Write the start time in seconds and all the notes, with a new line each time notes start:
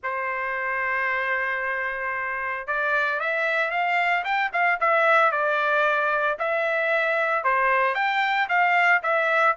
0.03 C5
2.67 D5
3.20 E5
3.70 F5
4.24 G5
4.52 F5
4.80 E5
5.31 D5
6.38 E5
7.44 C5
7.95 G5
8.48 F5
9.03 E5